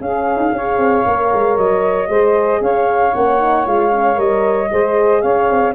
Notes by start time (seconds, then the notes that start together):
0.00 C#4 G#4 F5
0.36 D#4
0.51 C#4 G#4 C#5
0.77 C4
1.05 A#3 A#4
1.33 G#3
1.57 F#3 D#5
2.07 G#3 G#4 C5
2.60 C#4 C#5 F5
3.14 A#3 C#4 F#5
3.38 D#4
3.65 G#3 F4 F5
3.91 C#4
4.14 G3 A#4 D#5
4.71 G#3 G#4 C5
5.21 C#4 C#5 F5
5.50 C4